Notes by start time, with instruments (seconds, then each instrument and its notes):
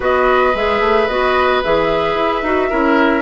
0.00 bassoon B3, clarinet F#4, oboe B4, flute D#5
0.54 bassoon G#3, clarinet G#4, flute E5
0.80 bassoon A3
1.08 bassoon B3, clarinet F#4, flute D#5
1.63 bassoon E3, clarinet G#4, flute E5
2.14 bassoon E4
2.42 bassoon D#4, clarinet F#4
2.69 bassoon C#4, clarinet E4, oboe A#4